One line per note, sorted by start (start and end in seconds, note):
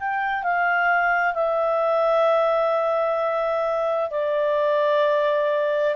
0.00 0.44 G5
0.44 1.34 F5
1.34 4.11 E5
4.11 5.95 D5